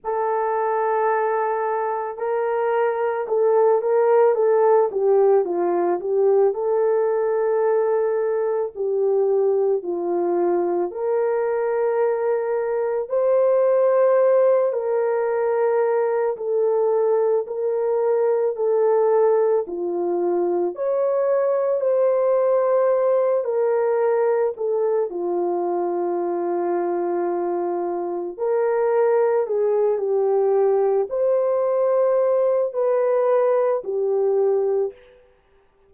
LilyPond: \new Staff \with { instrumentName = "horn" } { \time 4/4 \tempo 4 = 55 a'2 ais'4 a'8 ais'8 | a'8 g'8 f'8 g'8 a'2 | g'4 f'4 ais'2 | c''4. ais'4. a'4 |
ais'4 a'4 f'4 cis''4 | c''4. ais'4 a'8 f'4~ | f'2 ais'4 gis'8 g'8~ | g'8 c''4. b'4 g'4 | }